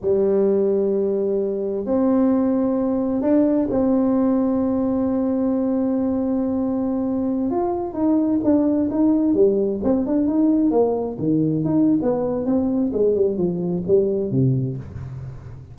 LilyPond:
\new Staff \with { instrumentName = "tuba" } { \time 4/4 \tempo 4 = 130 g1 | c'2. d'4 | c'1~ | c'1~ |
c'16 f'4 dis'4 d'4 dis'8.~ | dis'16 g4 c'8 d'8 dis'4 ais8.~ | ais16 dis4 dis'8. b4 c'4 | gis8 g8 f4 g4 c4 | }